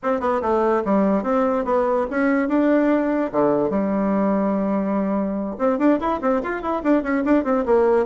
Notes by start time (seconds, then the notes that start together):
0.03 C4
0.20 B3
0.41 A3
0.84 G3
1.23 C4
1.65 B3
2.10 C#4
2.48 D4
3.32 D3
3.70 G3
5.58 C4
5.78 D4
5.99 E4
6.21 C4
6.43 F4
6.62 E4
6.83 D4
7.03 C#4
7.24 D4
7.44 C4
7.65 A#3